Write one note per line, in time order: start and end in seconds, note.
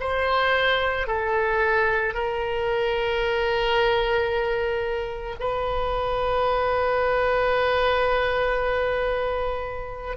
0.00 1.07 C5
1.07 2.14 A4
2.14 5.36 A#4
5.40 10.17 B4